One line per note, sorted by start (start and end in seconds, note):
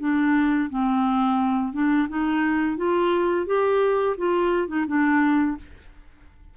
0.00 0.70 D4
0.70 1.73 C4
1.73 2.08 D4
2.09 2.77 D#4
2.77 3.47 F4
3.47 4.16 G4
4.18 4.68 F4
4.68 4.86 D#4
4.87 5.57 D4